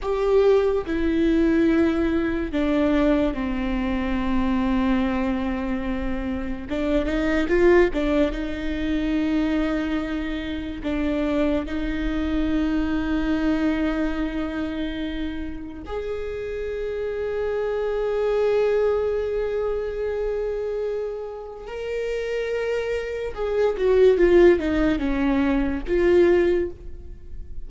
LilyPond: \new Staff \with { instrumentName = "viola" } { \time 4/4 \tempo 4 = 72 g'4 e'2 d'4 | c'1 | d'8 dis'8 f'8 d'8 dis'2~ | dis'4 d'4 dis'2~ |
dis'2. gis'4~ | gis'1~ | gis'2 ais'2 | gis'8 fis'8 f'8 dis'8 cis'4 f'4 | }